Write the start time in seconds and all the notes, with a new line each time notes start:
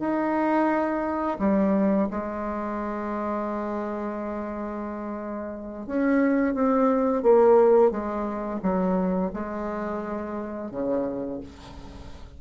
0.00 D#4
1.39 G3
2.10 G#3
5.87 C#4
6.54 C4
7.23 A#3
7.91 G#3
8.62 F#3
9.34 G#3
10.71 C#3